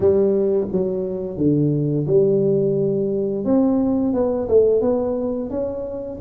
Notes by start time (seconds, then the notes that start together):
0.00 G3
0.71 F#3
1.37 D3
2.07 G3
3.45 C4
4.13 B3
4.48 A3
4.81 B3
5.50 C#4